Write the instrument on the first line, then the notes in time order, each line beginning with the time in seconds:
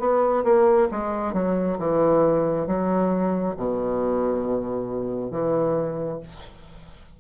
bassoon
0.00 B3
0.45 A#3
0.91 G#3
1.34 F#3
1.79 E3
2.67 F#3
3.57 B2
5.31 E3